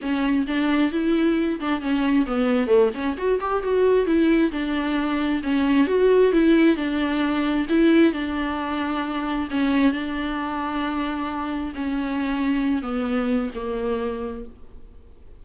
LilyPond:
\new Staff \with { instrumentName = "viola" } { \time 4/4 \tempo 4 = 133 cis'4 d'4 e'4. d'8 | cis'4 b4 a8 cis'8 fis'8 g'8 | fis'4 e'4 d'2 | cis'4 fis'4 e'4 d'4~ |
d'4 e'4 d'2~ | d'4 cis'4 d'2~ | d'2 cis'2~ | cis'8 b4. ais2 | }